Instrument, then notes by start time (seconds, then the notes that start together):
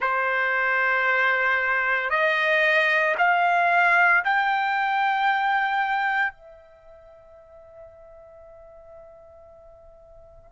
trumpet
0.00 C5
2.10 D#5
3.18 F5
4.24 G5
6.32 E5